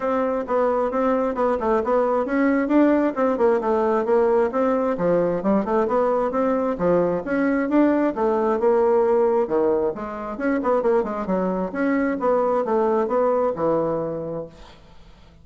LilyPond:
\new Staff \with { instrumentName = "bassoon" } { \time 4/4 \tempo 4 = 133 c'4 b4 c'4 b8 a8 | b4 cis'4 d'4 c'8 ais8 | a4 ais4 c'4 f4 | g8 a8 b4 c'4 f4 |
cis'4 d'4 a4 ais4~ | ais4 dis4 gis4 cis'8 b8 | ais8 gis8 fis4 cis'4 b4 | a4 b4 e2 | }